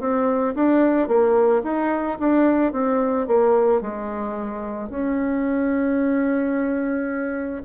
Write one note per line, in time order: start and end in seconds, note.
0.00 0.55 C4
0.55 1.08 D4
1.08 1.62 A#3
1.63 2.18 D#4
2.19 2.72 D4
2.72 3.27 C4
3.27 3.81 A#3
3.81 4.89 G#3
4.89 7.62 C#4